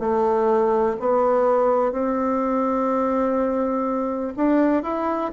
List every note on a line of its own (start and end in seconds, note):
0.00 0.97 A3
1.00 1.92 B3
1.92 4.34 C4
4.37 4.83 D4
4.83 5.32 E4